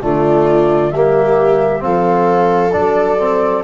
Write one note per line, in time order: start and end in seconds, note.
0.00 0.92 D3
0.00 0.91 A3
0.00 0.93 F4
0.00 0.91 D5
0.91 1.83 G3
0.91 1.79 A#3
0.91 1.84 G4
0.91 1.82 E5
1.79 2.74 F3
1.79 2.70 C4
1.79 3.63 A4
1.79 2.72 F5
2.72 3.63 F#3
2.72 3.18 D4
2.72 3.63 D5
3.19 3.63 C4